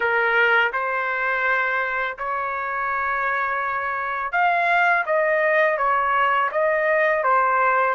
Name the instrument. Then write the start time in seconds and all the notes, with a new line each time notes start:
trumpet
0.00 A#4
0.73 C5
2.18 C#5
4.32 F5
5.06 D#5
5.77 C#5
6.51 D#5
7.23 C5